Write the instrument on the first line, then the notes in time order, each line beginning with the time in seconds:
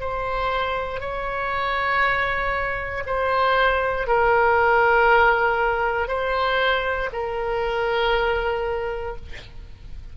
oboe
0.00 C5
1.00 C#5
3.06 C5
4.07 A#4
6.07 C5
7.12 A#4